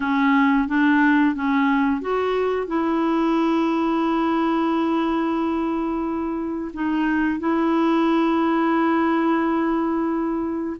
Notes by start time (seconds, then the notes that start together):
0.00 C#4
0.67 D4
1.35 C#4
2.01 F#4
2.67 E4
6.73 D#4
7.39 E4